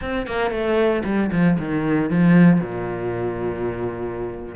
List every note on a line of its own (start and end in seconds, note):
0.01 0.27 C4
0.27 0.50 A#3
0.50 1.02 A3
1.04 1.30 G3
1.31 1.57 F3
1.58 2.09 D#3
2.09 2.60 F3
2.60 4.55 A#2